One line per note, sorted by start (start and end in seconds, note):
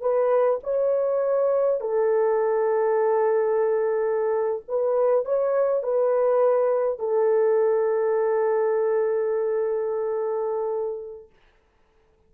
0.00 0.59 B4
0.63 1.80 C#5
1.80 4.62 A4
4.68 5.24 B4
5.24 5.82 C#5
5.82 6.98 B4
6.98 11.29 A4